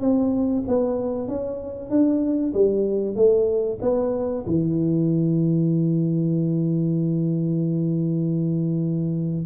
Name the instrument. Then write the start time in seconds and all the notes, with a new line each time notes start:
tuba
0.00 C4
0.67 B3
1.28 C#4
1.90 D4
2.53 G3
3.16 A3
3.82 B3
4.46 E3